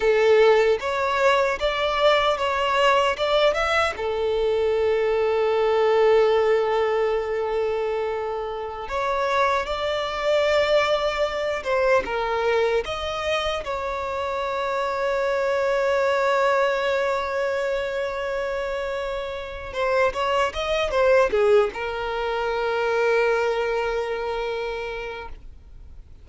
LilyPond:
\new Staff \with { instrumentName = "violin" } { \time 4/4 \tempo 4 = 76 a'4 cis''4 d''4 cis''4 | d''8 e''8 a'2.~ | a'2.~ a'16 cis''8.~ | cis''16 d''2~ d''8 c''8 ais'8.~ |
ais'16 dis''4 cis''2~ cis''8.~ | cis''1~ | cis''4 c''8 cis''8 dis''8 c''8 gis'8 ais'8~ | ais'1 | }